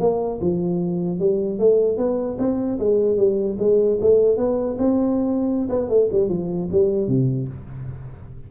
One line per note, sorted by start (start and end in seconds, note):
0.00 0.40 A#3
0.41 1.20 F3
1.20 1.59 G3
1.59 1.98 A3
1.98 2.38 B3
2.39 2.79 C4
2.79 3.17 G#3
3.17 3.57 G3
3.59 3.99 G#3
4.01 4.37 A3
4.37 4.77 B3
4.79 5.69 C4
5.70 5.89 B3
5.89 6.09 A3
6.12 6.29 G3
6.29 6.69 F3
6.72 7.08 G3
7.08 7.48 C3